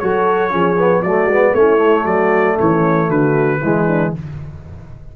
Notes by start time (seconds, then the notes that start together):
0.00 F#3 F#4 A4 C#5
0.50 F3 C#4 G#4
0.79 B3
1.01 F#3 A3 F#4 D5
1.26 G#3 B3
1.54 A3 C#4 E4 C#5
1.78 A3
2.04 F#3 F#4 D5
2.57 E3 C#4 C#5
3.09 D3 F#4 B4
3.62 E3 G#3 E4
3.87 D4